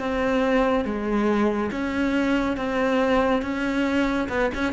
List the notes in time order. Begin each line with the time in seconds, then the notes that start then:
0.00 C4
0.85 G#3
1.72 C#4
2.57 C4
3.42 C#4
4.29 B3
4.55 C#4